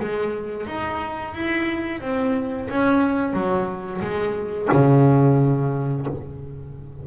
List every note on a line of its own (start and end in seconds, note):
0.00 0.67 G#3
0.67 1.34 D#4
1.34 2.01 E4
2.01 2.68 C4
2.69 3.33 C#4
3.33 4.01 F#3
4.01 4.69 G#3
4.72 6.07 C#3